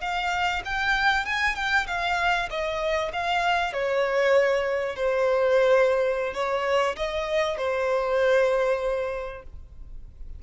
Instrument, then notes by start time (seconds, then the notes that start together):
violin
0.00 F5
0.65 G5
1.25 G#5
1.55 G5
1.87 F5
2.50 D#5
3.12 F5
3.73 C#5
4.95 C5
6.34 C#5
6.96 D#5
7.57 C5